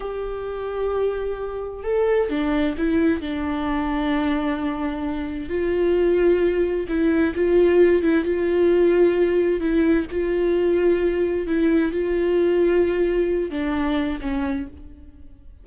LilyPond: \new Staff \with { instrumentName = "viola" } { \time 4/4 \tempo 4 = 131 g'1 | a'4 d'4 e'4 d'4~ | d'1 | f'2. e'4 |
f'4. e'8 f'2~ | f'4 e'4 f'2~ | f'4 e'4 f'2~ | f'4. d'4. cis'4 | }